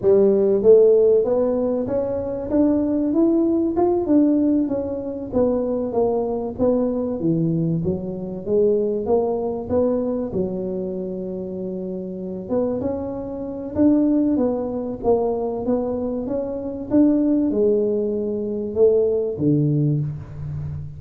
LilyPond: \new Staff \with { instrumentName = "tuba" } { \time 4/4 \tempo 4 = 96 g4 a4 b4 cis'4 | d'4 e'4 f'8 d'4 cis'8~ | cis'8 b4 ais4 b4 e8~ | e8 fis4 gis4 ais4 b8~ |
b8 fis2.~ fis8 | b8 cis'4. d'4 b4 | ais4 b4 cis'4 d'4 | gis2 a4 d4 | }